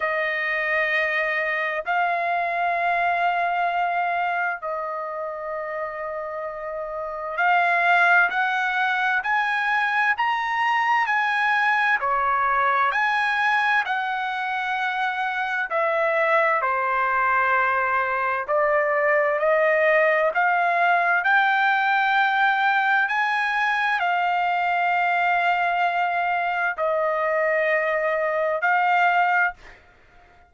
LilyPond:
\new Staff \with { instrumentName = "trumpet" } { \time 4/4 \tempo 4 = 65 dis''2 f''2~ | f''4 dis''2. | f''4 fis''4 gis''4 ais''4 | gis''4 cis''4 gis''4 fis''4~ |
fis''4 e''4 c''2 | d''4 dis''4 f''4 g''4~ | g''4 gis''4 f''2~ | f''4 dis''2 f''4 | }